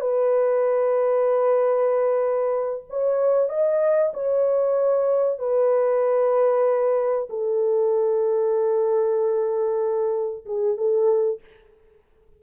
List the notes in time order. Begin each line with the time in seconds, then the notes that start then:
0.00 B4
2.89 C#5
3.49 D#5
4.13 C#5
5.39 B4
7.29 A4
10.45 G#4
10.77 A4